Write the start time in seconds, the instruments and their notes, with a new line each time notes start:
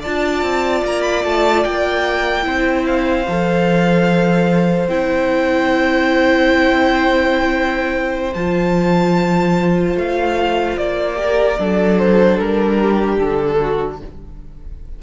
0.00 cello D4, viola F4, violin D5 A5
0.42 cello C4
0.84 cello A#3, violin A#5
1.02 violin B5
1.24 cello A3, violin A5
1.64 cello A#3, violin G5
2.43 cello C4, viola E4, violin C5
2.86 violin F5
3.28 cello F3, viola A4
4.88 cello C4, viola E4, violin G5
8.34 cello F3, viola F4, violin A5
9.96 cello A3, violin F5
10.77 cello A#3, violin D5
11.15 viola G4, violin A#4
11.59 cello F#3, viola D4, violin A4
11.98 violin C5
12.39 cello G3, violin A#4
12.80 violin G4
13.18 cello D3, violin A4
13.60 violin F#4